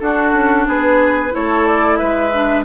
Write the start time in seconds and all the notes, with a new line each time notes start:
0.00 D4 F#4 A4
0.33 C#4
0.67 B3 G#4 B4
1.31 A3 E4 A4 C#5
1.66 D5
1.97 G#3 B4 E5
2.33 D4